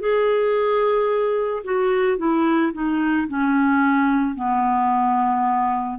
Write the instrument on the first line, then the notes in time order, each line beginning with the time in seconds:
clarinet
0.00 G#4
1.65 F#4
2.18 E4
2.73 D#4
3.28 C#4
4.36 B3